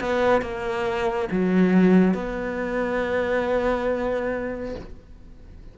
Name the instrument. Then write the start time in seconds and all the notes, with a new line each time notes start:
cello
0.00 B3
0.42 A#3
1.32 F#3
2.14 B3